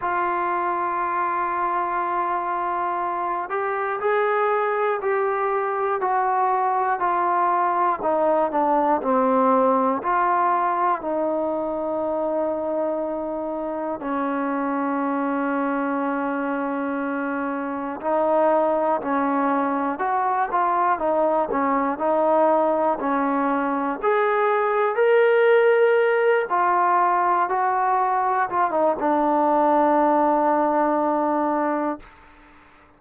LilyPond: \new Staff \with { instrumentName = "trombone" } { \time 4/4 \tempo 4 = 60 f'2.~ f'8 g'8 | gis'4 g'4 fis'4 f'4 | dis'8 d'8 c'4 f'4 dis'4~ | dis'2 cis'2~ |
cis'2 dis'4 cis'4 | fis'8 f'8 dis'8 cis'8 dis'4 cis'4 | gis'4 ais'4. f'4 fis'8~ | fis'8 f'16 dis'16 d'2. | }